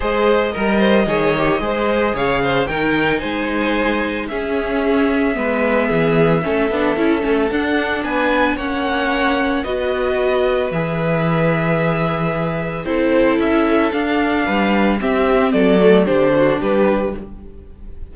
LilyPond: <<
  \new Staff \with { instrumentName = "violin" } { \time 4/4 \tempo 4 = 112 dis''1 | f''4 g''4 gis''2 | e''1~ | e''2 fis''4 gis''4 |
fis''2 dis''2 | e''1 | c''4 e''4 f''2 | e''4 d''4 c''4 b'4 | }
  \new Staff \with { instrumentName = "violin" } { \time 4/4 c''4 ais'8 c''8 cis''4 c''4 | cis''8 c''8 ais'4 c''2 | gis'2 b'4 gis'4 | a'2. b'4 |
cis''2 b'2~ | b'1 | a'2. b'4 | g'4 a'4 g'8 fis'8 g'4 | }
  \new Staff \with { instrumentName = "viola" } { \time 4/4 gis'4 ais'4 gis'8 g'8 gis'4~ | gis'4 dis'2. | cis'2 b2 | cis'8 d'8 e'8 cis'8 d'2 |
cis'2 fis'2 | gis'1 | e'2 d'2 | c'4. a8 d'2 | }
  \new Staff \with { instrumentName = "cello" } { \time 4/4 gis4 g4 dis4 gis4 | cis4 dis4 gis2 | cis'2 gis4 e4 | a8 b8 cis'8 a8 d'4 b4 |
ais2 b2 | e1 | c'4 cis'4 d'4 g4 | c'4 fis4 d4 g4 | }
>>